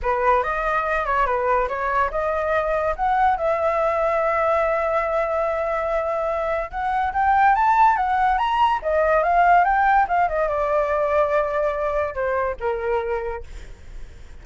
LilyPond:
\new Staff \with { instrumentName = "flute" } { \time 4/4 \tempo 4 = 143 b'4 dis''4. cis''8 b'4 | cis''4 dis''2 fis''4 | e''1~ | e''1 |
fis''4 g''4 a''4 fis''4 | ais''4 dis''4 f''4 g''4 | f''8 dis''8 d''2.~ | d''4 c''4 ais'2 | }